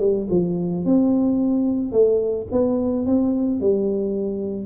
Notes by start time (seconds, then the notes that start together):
0.00 G3
0.31 F3
0.86 C4
1.92 A3
2.52 B3
3.07 C4
3.61 G3